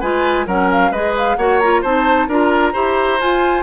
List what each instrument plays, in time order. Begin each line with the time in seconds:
0.00 bassoon G#3, clarinet F4, oboe B4, flute G#5
0.46 bassoon F#3, clarinet C#4, oboe A#4, flute F#5
0.71 flute F5
0.91 bassoon G#3, clarinet G#4, oboe B4, flute D#5
1.17 flute F5
1.36 bassoon A#3, clarinet F#4, oboe C#5, flute F#5
1.59 clarinet F4, flute A#5
1.82 bassoon C4, clarinet D#4, oboe C5, flute A5
2.28 bassoon D4, clarinet F4, oboe A#4, flute A#5
2.73 bassoon E4, clarinet G4, oboe C5
3.20 bassoon F4, clarinet F4, flute G#5